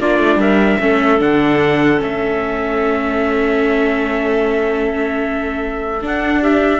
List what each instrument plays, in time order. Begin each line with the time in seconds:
0.00 cello A#3, viola D4, clarinet F4, trumpet D5
0.19 cello A3
0.36 cello G3, clarinet A#4, trumpet E5
0.80 cello A3, viola C#4, clarinet A4
1.19 cello D3, viola D4, trumpet F#5
1.97 cello A3, viola C#4, trumpet E5
6.01 viola D4, cello D4, trumpet F#5
6.42 clarinet G4, trumpet E5